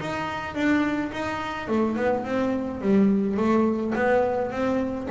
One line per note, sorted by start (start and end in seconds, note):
0.00 0.55 D#4
0.55 1.12 D4
1.13 1.69 D#4
1.69 1.97 A3
1.97 2.25 B3
2.25 2.81 C4
2.81 3.37 G3
3.37 3.94 A3
3.95 4.52 B3
4.52 5.08 C4